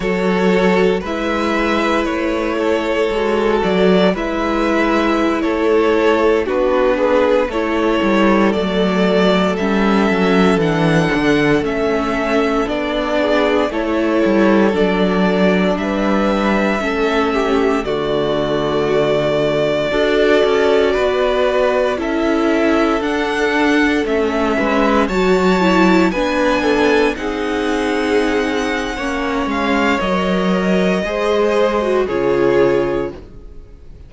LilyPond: <<
  \new Staff \with { instrumentName = "violin" } { \time 4/4 \tempo 4 = 58 cis''4 e''4 cis''4. d''8 | e''4~ e''16 cis''4 b'4 cis''8.~ | cis''16 d''4 e''4 fis''4 e''8.~ | e''16 d''4 cis''4 d''4 e''8.~ |
e''4~ e''16 d''2~ d''8.~ | d''4~ d''16 e''4 fis''4 e''8.~ | e''16 a''4 gis''4 fis''4.~ fis''16~ | fis''8 f''8 dis''2 cis''4 | }
  \new Staff \with { instrumentName = "violin" } { \time 4/4 a'4 b'4. a'4. | b'4~ b'16 a'4 fis'8 gis'8 a'8.~ | a'1~ | a'8. gis'8 a'2 b'8.~ |
b'16 a'8 g'8 fis'2 a'8.~ | a'16 b'4 a'2~ a'8 b'16~ | b'16 cis''4 b'8 a'8 gis'4.~ gis'16 | cis''2 c''4 gis'4 | }
  \new Staff \with { instrumentName = "viola" } { \time 4/4 fis'4 e'2 fis'4 | e'2~ e'16 d'4 e'8.~ | e'16 a4 cis'4 d'4 cis'8.~ | cis'16 d'4 e'4 d'4.~ d'16~ |
d'16 cis'4 a2 fis'8.~ | fis'4~ fis'16 e'4 d'4 cis'8.~ | cis'16 fis'8 e'8 d'4 dis'4.~ dis'16 | cis'4 ais'4 gis'8. fis'16 f'4 | }
  \new Staff \with { instrumentName = "cello" } { \time 4/4 fis4 gis4 a4 gis8 fis8 | gis4~ gis16 a4 b4 a8 g16~ | g16 fis4 g8 fis8 e8 d8 a8.~ | a16 b4 a8 g8 fis4 g8.~ |
g16 a4 d2 d'8 cis'16~ | cis'16 b4 cis'4 d'4 a8 gis16~ | gis16 fis4 b4 c'4.~ c'16 | ais8 gis8 fis4 gis4 cis4 | }
>>